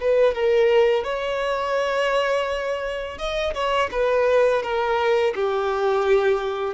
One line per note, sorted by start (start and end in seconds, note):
0.00 0.35 B4
0.35 1.04 A#4
1.04 3.18 C#5
3.18 3.54 D#5
3.54 3.90 C#5
3.91 4.62 B4
4.62 5.34 A#4
5.35 6.74 G4